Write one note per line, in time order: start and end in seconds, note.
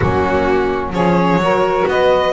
0.00 0.93 F#3
0.00 0.93 A#3
0.00 0.94 C#4
0.00 0.92 F#4
0.93 1.36 F3
0.93 1.40 C#4
0.93 1.41 G#4
0.93 1.87 C#5
1.36 1.83 F#3
1.36 2.33 F#4
1.43 1.89 A#4
1.88 2.33 B3
1.88 2.33 B4
1.88 2.33 D#5